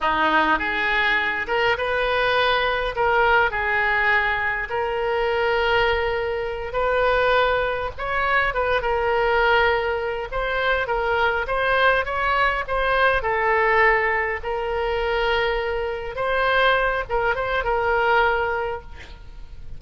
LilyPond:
\new Staff \with { instrumentName = "oboe" } { \time 4/4 \tempo 4 = 102 dis'4 gis'4. ais'8 b'4~ | b'4 ais'4 gis'2 | ais'2.~ ais'8 b'8~ | b'4. cis''4 b'8 ais'4~ |
ais'4. c''4 ais'4 c''8~ | c''8 cis''4 c''4 a'4.~ | a'8 ais'2. c''8~ | c''4 ais'8 c''8 ais'2 | }